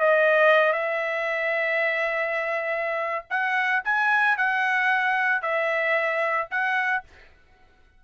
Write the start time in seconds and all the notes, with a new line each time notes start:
0.00 D#5
0.73 E5
3.30 F#5
3.84 G#5
4.37 F#5
5.42 E5
6.50 F#5